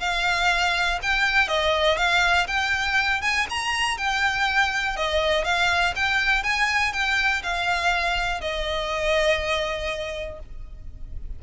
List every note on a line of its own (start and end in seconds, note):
0.00 0.99 F5
1.02 1.48 G5
1.48 1.97 D#5
1.97 2.47 F5
2.47 3.21 G5
3.22 3.46 G#5
3.49 3.97 A#5
3.97 4.96 G5
4.96 5.44 D#5
5.44 5.94 F5
5.95 6.43 G5
6.43 6.93 G#5
6.93 7.42 G5
7.43 8.41 F5
8.41 10.39 D#5